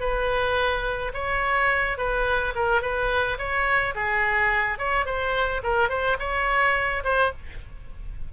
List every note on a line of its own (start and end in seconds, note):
0.00 1.12 B4
1.14 1.98 C#5
1.98 2.54 B4
2.56 2.82 A#4
2.82 3.38 B4
3.38 3.95 C#5
3.95 4.79 G#4
4.79 5.06 C#5
5.06 5.62 C5
5.64 5.90 A#4
5.90 6.17 C5
6.19 7.03 C#5
7.04 7.32 C5